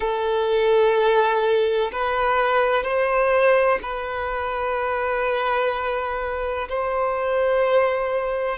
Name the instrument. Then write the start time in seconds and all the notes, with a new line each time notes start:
violin
0.00 A4
1.92 B4
2.83 C5
3.82 B4
6.68 C5